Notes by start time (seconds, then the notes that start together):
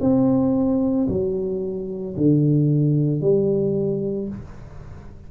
0.00 C4
1.08 F#3
2.16 D3
3.21 G3